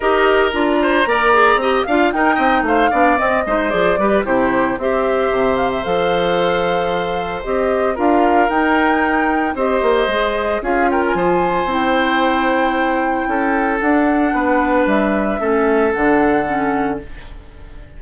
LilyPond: <<
  \new Staff \with { instrumentName = "flute" } { \time 4/4 \tempo 4 = 113 dis''4 ais''2~ ais''8 f''8 | g''4 f''4 dis''4 d''4 | c''4 e''4. f''16 e''16 f''4~ | f''2 dis''4 f''4 |
g''2 dis''2 | f''8 g''16 gis''4~ gis''16 g''2~ | g''2 fis''2 | e''2 fis''2 | }
  \new Staff \with { instrumentName = "oboe" } { \time 4/4 ais'4. c''8 d''4 dis''8 f''8 | ais'8 dis''8 c''8 d''4 c''4 b'8 | g'4 c''2.~ | c''2. ais'4~ |
ais'2 c''2 | gis'8 ais'8 c''2.~ | c''4 a'2 b'4~ | b'4 a'2. | }
  \new Staff \with { instrumentName = "clarinet" } { \time 4/4 g'4 f'4 ais'8 gis'8 g'8 f'8 | dis'4. d'8 c'8 dis'8 gis'8 g'8 | e'4 g'2 a'4~ | a'2 g'4 f'4 |
dis'2 g'4 gis'4 | f'2 e'2~ | e'2 d'2~ | d'4 cis'4 d'4 cis'4 | }
  \new Staff \with { instrumentName = "bassoon" } { \time 4/4 dis'4 d'4 ais4 c'8 d'8 | dis'8 c'8 a8 b8 c'8 gis8 f8 g8 | c4 c'4 c4 f4~ | f2 c'4 d'4 |
dis'2 c'8 ais8 gis4 | cis'4 f4 c'2~ | c'4 cis'4 d'4 b4 | g4 a4 d2 | }
>>